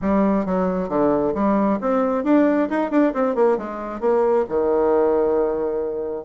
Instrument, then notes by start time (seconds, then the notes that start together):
bassoon
0.01 G3
0.45 F#3
0.88 D3
1.34 G3
1.81 C4
2.24 D4
2.69 D#4
2.91 D4
3.13 C4
3.35 A#3
3.57 G#3
4.00 A#3
4.48 D#3